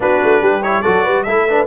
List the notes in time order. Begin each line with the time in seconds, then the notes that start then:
0.00 B3 D4 F#4 B4
0.23 A3
0.41 G3 G4
0.62 E4 C#5
0.82 F#3 F#4 A4 D5
1.03 G3 B4
1.23 A3 E4 A4 E5
1.48 D4 B4